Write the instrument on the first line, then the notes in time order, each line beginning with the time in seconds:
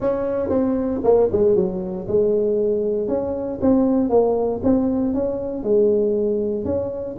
tuba
0.00 C#4
0.49 C4
1.03 A#3
1.31 G#3
1.55 F#3
2.07 G#3
3.07 C#4
3.61 C4
4.09 A#3
4.63 C4
5.14 C#4
5.63 G#3
6.65 C#4